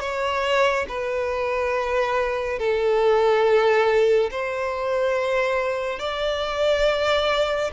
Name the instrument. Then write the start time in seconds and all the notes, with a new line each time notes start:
violin
0.00 C#5
0.88 B4
2.58 A4
4.31 C5
5.99 D5